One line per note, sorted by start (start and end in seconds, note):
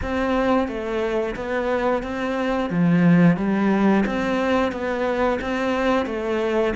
0.02 0.67 C4
0.67 1.35 A3
1.35 2.02 B3
2.02 2.70 C4
2.70 3.36 F3
3.36 4.04 G3
4.05 4.72 C4
4.72 5.39 B3
5.41 6.06 C4
6.06 6.73 A3